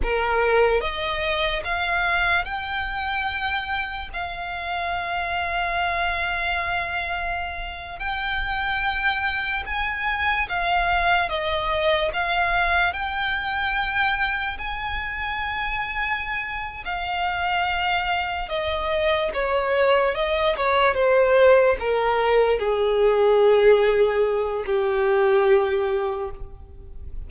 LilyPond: \new Staff \with { instrumentName = "violin" } { \time 4/4 \tempo 4 = 73 ais'4 dis''4 f''4 g''4~ | g''4 f''2.~ | f''4.~ f''16 g''2 gis''16~ | gis''8. f''4 dis''4 f''4 g''16~ |
g''4.~ g''16 gis''2~ gis''16~ | gis''8 f''2 dis''4 cis''8~ | cis''8 dis''8 cis''8 c''4 ais'4 gis'8~ | gis'2 g'2 | }